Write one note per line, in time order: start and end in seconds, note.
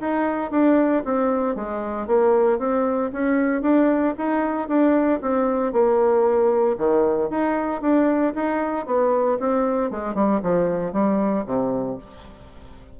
0.00 0.51 D#4
0.51 1.03 D4
1.04 1.55 C4
1.55 2.07 G#3
2.07 2.58 A#3
2.58 3.10 C4
3.12 3.61 C#4
3.61 4.14 D4
4.17 4.68 D#4
4.68 5.20 D4
5.21 5.72 C4
5.72 6.76 A#3
6.77 7.29 D#3
7.29 7.81 D#4
7.81 8.33 D4
8.35 8.86 D#4
8.86 9.38 B3
9.39 9.90 C4
9.90 10.14 G#3
10.14 10.40 G3
10.42 10.92 F3
10.92 11.45 G3
11.45 11.98 C3